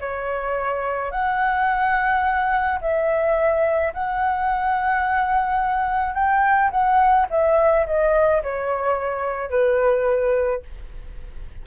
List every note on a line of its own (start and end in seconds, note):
0.00 1.11 C#5
1.11 2.79 F#5
2.81 3.93 E5
3.93 6.14 F#5
6.14 6.70 G5
6.70 7.27 F#5
7.29 7.86 E5
7.86 8.42 D#5
8.42 9.50 C#5
9.50 10.62 B4